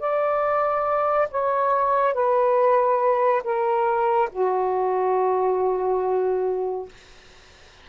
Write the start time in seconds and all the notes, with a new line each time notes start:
0.00 D5
1.31 C#5
2.14 B4
3.44 A#4
4.32 F#4